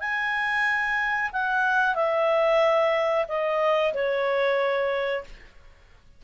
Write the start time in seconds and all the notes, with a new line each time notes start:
0.00 G#5
1.32 F#5
1.95 E5
3.28 D#5
3.93 C#5